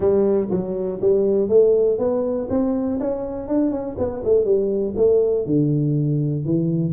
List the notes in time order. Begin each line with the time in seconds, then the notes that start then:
0.00 G3
0.50 F#3
1.01 G3
1.48 A3
1.98 B3
2.49 C4
3.00 C#4
3.48 D4
3.71 C#4
3.97 B3
4.24 A3
4.44 G3
4.96 A3
5.45 D3
6.45 E3